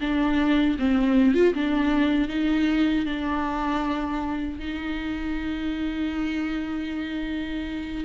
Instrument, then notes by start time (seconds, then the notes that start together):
viola
0.00 D4
0.78 C4
1.34 F4
1.53 D4
2.28 D#4
3.06 D4
4.59 D#4